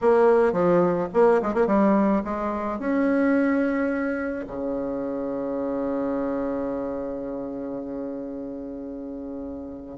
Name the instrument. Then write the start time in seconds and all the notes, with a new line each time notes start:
bassoon
0.01 A#3
0.52 F3
1.13 A#3
1.41 G#3
1.54 A#3
1.66 G3
2.24 G#3
2.79 C#4
4.47 C#3